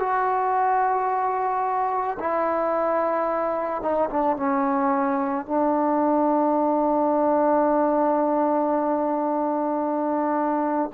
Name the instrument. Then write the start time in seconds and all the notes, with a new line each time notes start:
trombone
0.00 F#4
2.20 E4
3.82 D#4
4.11 D4
4.37 C#4
5.46 D4